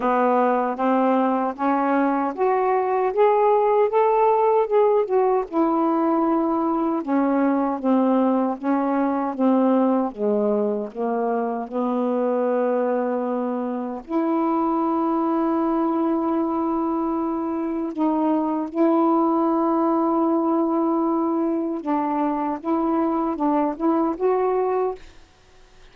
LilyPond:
\new Staff \with { instrumentName = "saxophone" } { \time 4/4 \tempo 4 = 77 b4 c'4 cis'4 fis'4 | gis'4 a'4 gis'8 fis'8 e'4~ | e'4 cis'4 c'4 cis'4 | c'4 gis4 ais4 b4~ |
b2 e'2~ | e'2. dis'4 | e'1 | d'4 e'4 d'8 e'8 fis'4 | }